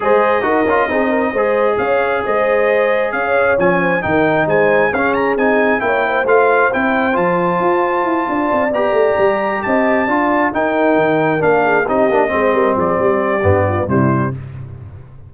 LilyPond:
<<
  \new Staff \with { instrumentName = "trumpet" } { \time 4/4 \tempo 4 = 134 dis''1 | f''4 dis''2 f''4 | gis''4 g''4 gis''4 f''8 ais''8 | gis''4 g''4 f''4 g''4 |
a''2.~ a''8 ais''8~ | ais''4. a''2 g''8~ | g''4. f''4 dis''4.~ | dis''8 d''2~ d''8 c''4 | }
  \new Staff \with { instrumentName = "horn" } { \time 4/4 c''4 ais'4 gis'8 ais'8 c''4 | cis''4 c''2 cis''4~ | cis''8 c''8 ais'4 c''4 gis'4~ | gis'4 cis''8 c''2~ c''8~ |
c''2~ c''8 d''4.~ | d''4. dis''4 d''4 ais'8~ | ais'2 gis'8 g'4 c''8 | ais'8 gis'8 g'4. f'8 e'4 | }
  \new Staff \with { instrumentName = "trombone" } { \time 4/4 gis'4 fis'8 f'8 dis'4 gis'4~ | gis'1 | cis'4 dis'2 cis'4 | dis'4 e'4 f'4 e'4 |
f'2.~ f'8 g'8~ | g'2~ g'8 f'4 dis'8~ | dis'4. d'4 dis'8 d'8 c'8~ | c'2 b4 g4 | }
  \new Staff \with { instrumentName = "tuba" } { \time 4/4 gis4 dis'8 cis'8 c'4 gis4 | cis'4 gis2 cis'4 | f4 dis4 gis4 cis'4 | c'4 ais4 a4 c'4 |
f4 f'4 e'8 d'8 c'8 b8 | a8 g4 c'4 d'4 dis'8~ | dis'8 dis4 ais4 c'8 ais8 gis8 | g8 f8 g4 g,4 c4 | }
>>